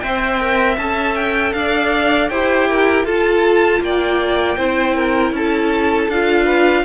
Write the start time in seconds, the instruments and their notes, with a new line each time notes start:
0.00 cello C4, viola C5, violin E5 G5
0.40 viola A#4
0.77 cello C#4, viola A4, violin A5
1.16 violin G5
1.53 cello D4, violin D5 F5
2.29 cello E4, viola G4, violin C5 G5
2.69 violin A#4
3.05 cello F4, viola F4, violin A4 A5
3.81 cello A#3, violin D5 G5
4.58 cello C4, viola E4, violin C5
4.96 violin A#4
5.32 cello C#4, violin A4 A5
6.09 cello D4, viola F4, violin F5
6.46 violin B4